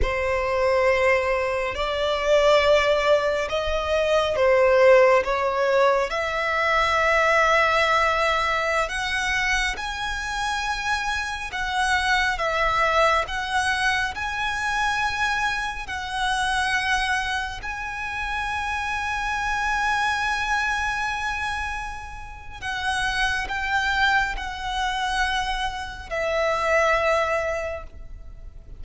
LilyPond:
\new Staff \with { instrumentName = "violin" } { \time 4/4 \tempo 4 = 69 c''2 d''2 | dis''4 c''4 cis''4 e''4~ | e''2~ e''16 fis''4 gis''8.~ | gis''4~ gis''16 fis''4 e''4 fis''8.~ |
fis''16 gis''2 fis''4.~ fis''16~ | fis''16 gis''2.~ gis''8.~ | gis''2 fis''4 g''4 | fis''2 e''2 | }